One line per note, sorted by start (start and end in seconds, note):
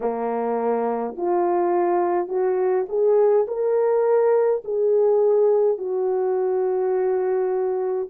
0.00 1.15 A#3
1.16 2.28 F4
2.28 2.85 F#4
2.88 3.46 G#4
3.47 4.63 A#4
4.64 5.77 G#4
5.77 8.08 F#4